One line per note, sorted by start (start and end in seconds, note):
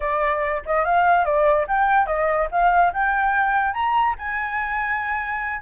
0.00 0.62 D5
0.65 0.84 D#5
0.84 1.24 F5
1.24 1.66 D5
1.67 2.06 G5
2.06 2.48 D#5
2.51 2.93 F5
2.93 3.73 G5
3.73 4.15 A#5
4.18 5.62 G#5